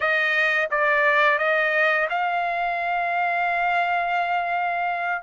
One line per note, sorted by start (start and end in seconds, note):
0.00 0.68 D#5
0.70 1.38 D5
1.38 2.08 D#5
2.09 5.22 F5